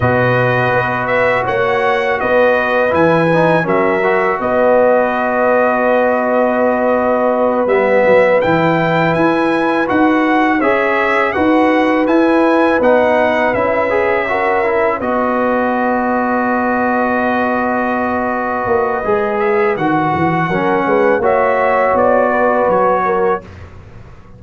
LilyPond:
<<
  \new Staff \with { instrumentName = "trumpet" } { \time 4/4 \tempo 4 = 82 dis''4. e''8 fis''4 dis''4 | gis''4 e''4 dis''2~ | dis''2~ dis''8 e''4 g''8~ | g''8 gis''4 fis''4 e''4 fis''8~ |
fis''8 gis''4 fis''4 e''4.~ | e''8 dis''2.~ dis''8~ | dis''2~ dis''8 e''8 fis''4~ | fis''4 e''4 d''4 cis''4 | }
  \new Staff \with { instrumentName = "horn" } { \time 4/4 b'2 cis''4 b'4~ | b'4 ais'4 b'2~ | b'1~ | b'2~ b'8 cis''4 b'8~ |
b'2.~ b'8 ais'8~ | ais'8 b'2.~ b'8~ | b'1 | ais'8 b'8 cis''4. b'4 ais'8 | }
  \new Staff \with { instrumentName = "trombone" } { \time 4/4 fis'1 | e'8 dis'8 cis'8 fis'2~ fis'8~ | fis'2~ fis'8 b4 e'8~ | e'4. fis'4 gis'4 fis'8~ |
fis'8 e'4 dis'4 e'8 gis'8 fis'8 | e'8 fis'2.~ fis'8~ | fis'2 gis'4 fis'4 | cis'4 fis'2. | }
  \new Staff \with { instrumentName = "tuba" } { \time 4/4 b,4 b4 ais4 b4 | e4 fis4 b2~ | b2~ b8 g8 fis8 e8~ | e8 e'4 dis'4 cis'4 dis'8~ |
dis'8 e'4 b4 cis'4.~ | cis'8 b2.~ b8~ | b4. ais8 gis4 dis8 e8 | fis8 gis8 ais4 b4 fis4 | }
>>